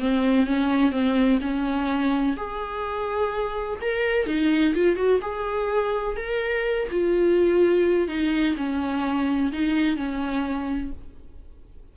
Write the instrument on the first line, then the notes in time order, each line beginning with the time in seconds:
viola
0.00 C4
0.47 C#4
0.92 C4
1.42 C#4
2.37 G#4
3.81 A#4
4.27 D#4
4.75 F4
4.96 F#4
5.22 G#4
6.17 A#4
6.92 F4
8.08 D#4
8.57 C#4
9.53 D#4
9.97 C#4